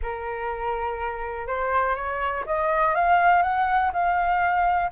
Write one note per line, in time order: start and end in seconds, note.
0.02 1.47 A#4
1.47 1.95 C5
1.95 2.44 C#5
2.46 2.95 D#5
2.95 3.42 F5
3.42 3.91 F#5
3.92 4.91 F5